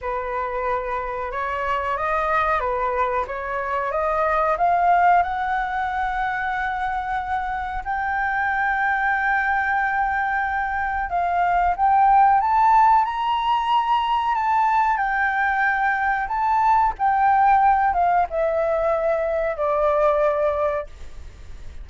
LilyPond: \new Staff \with { instrumentName = "flute" } { \time 4/4 \tempo 4 = 92 b'2 cis''4 dis''4 | b'4 cis''4 dis''4 f''4 | fis''1 | g''1~ |
g''4 f''4 g''4 a''4 | ais''2 a''4 g''4~ | g''4 a''4 g''4. f''8 | e''2 d''2 | }